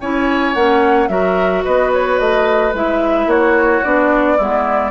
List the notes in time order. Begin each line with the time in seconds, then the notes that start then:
0.00 C#4 E4 C#5 G#5
0.54 A#3 C#4 F#5
1.08 F#3 F#4 A#4 E5
1.64 B3 B4 D#5
1.92 C#5
2.18 A3 D#5
2.73 G#3 E4 E5
3.26 A#3 F#4 C#5
3.83 B3 D4 D5
4.37 G#3 B3 E4